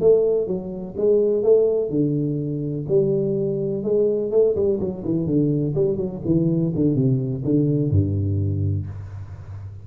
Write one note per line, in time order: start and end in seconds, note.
0.00 0.47 A3
0.47 0.95 F#3
0.97 1.43 G#3
1.43 1.89 A3
1.89 2.85 D3
2.88 3.83 G3
3.83 4.31 G#3
4.31 4.55 A3
4.55 4.79 G3
4.80 5.04 F#3
5.04 5.26 E3
5.26 5.74 D3
5.75 5.96 G3
5.96 6.20 F#3
6.25 6.73 E3
6.75 6.95 D3
6.95 7.43 C3
7.44 7.90 D3
7.90 8.86 G2